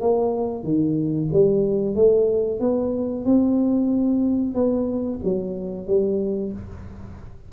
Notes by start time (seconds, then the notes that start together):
0.00 A#3
0.63 D#3
1.33 G3
1.95 A3
2.60 B3
3.25 C4
4.54 B3
5.24 F#3
5.87 G3